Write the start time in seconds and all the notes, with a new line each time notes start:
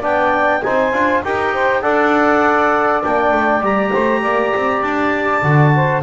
0.00 B3 D4 D5 G5
0.62 C4 D#4 C5 G#5
0.93 D4 F4
1.24 D#4 G4 A#4 G5
1.53 C5
1.82 D4 A4 D5 F#5
3.02 A#3 D4 G5
3.32 A3
3.61 G3 G4 A#5
3.91 A3 C5
4.22 A#3 D5
4.55 C4
4.82 D4 A5
5.42 D3 F#4
5.75 C5